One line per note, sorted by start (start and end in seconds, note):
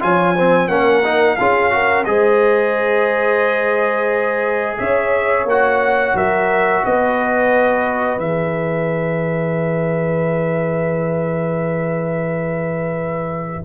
0.00 0.68 F3
0.00 0.34 F4
0.00 0.35 C#5
0.00 0.68 G#5
0.35 0.68 C4
0.35 0.69 C5
0.68 1.36 A#3
0.68 1.03 C#4
0.68 1.38 A#4
0.68 1.36 F#5
1.04 1.38 D#4
1.36 2.06 C#4
1.36 1.71 F4
1.36 1.72 G#4
1.36 2.04 F5
1.71 2.05 F#4
1.71 2.07 A#4
2.04 4.78 G#3
2.04 5.47 G#4
2.04 4.80 C5
2.04 4.77 D#5
4.77 5.45 C#4
4.77 6.16 C#5
4.77 5.46 E5
5.45 6.13 A#3
5.45 8.19 F#4
5.45 6.17 F#5
6.14 6.82 F#3
6.14 6.84 A#4
6.14 6.85 E5
6.85 8.17 B3
6.85 13.65 B4
6.85 8.19 D#5
8.17 13.62 E3
8.17 13.64 G#4
8.17 13.64 E5